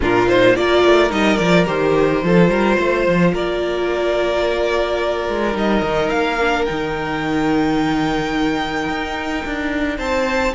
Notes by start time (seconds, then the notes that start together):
0.00 A#2 D4 F4 A#4
0.28 D#4 C5
0.55 A#3 F4 A#4 D5
0.84 A3
1.09 G3 D#4 D#5
1.36 F3 F4 D5
1.66 D#3 G4 C5
2.23 F3 F4 A4
2.48 G3 A#4
2.76 A3 C5
3.07 F3
3.32 A#3 A#4 D5
5.28 G#3
5.53 G3 D#4 D#5
5.82 D#3
6.09 A#3 F5
6.40 D4
6.65 D#3 D#4 G5
8.89 D#4
9.44 D4
9.97 C4 C5 A5